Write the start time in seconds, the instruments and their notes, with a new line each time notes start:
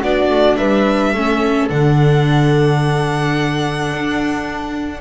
0.00 double bass B3, viola D4, flute F#4, violin D5
0.30 double bass A3
0.57 double bass G3, flute B4, violin E5
1.12 double bass A3, viola C#4, flute A4
1.69 double bass D3, viola D4, violin F#5
3.92 double bass D4